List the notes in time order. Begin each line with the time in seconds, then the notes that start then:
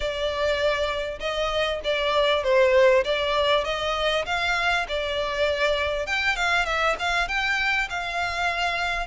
0.00 D5
1.20 D#5
1.83 D5
2.43 C5
3.04 D5
3.64 D#5
4.25 F5
4.88 D5
6.06 G5
6.36 F5
6.65 E5
6.99 F5
7.28 G5
7.89 F5